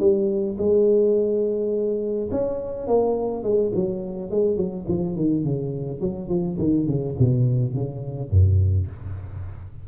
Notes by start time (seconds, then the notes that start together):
0.00 G3
0.58 G#3
2.31 C#4
2.88 A#3
3.43 G#3
3.75 F#3
4.31 G#3
4.57 F#3
4.88 F3
5.16 D#3
5.44 C#3
6.01 F#3
6.29 F3
6.59 D#3
6.87 C#3
7.19 B2
7.75 C#3
8.31 F#2